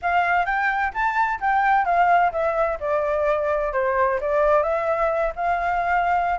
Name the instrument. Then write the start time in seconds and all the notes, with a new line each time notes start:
flute
0.01 F5
0.45 G5
0.93 A5
1.40 G5
1.85 F5
2.32 E5
2.79 D5
3.73 C5
4.21 D5
4.63 E5
5.35 F5